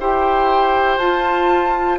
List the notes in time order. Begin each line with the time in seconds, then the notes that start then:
0.00 E4 G4 C5 G5
0.98 F4 A5